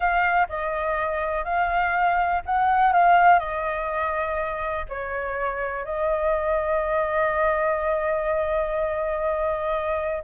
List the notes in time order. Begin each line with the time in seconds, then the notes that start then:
0.00 F5
0.48 D#5
1.44 F5
2.45 F#5
2.93 F5
3.39 D#5
4.88 C#5
5.84 D#5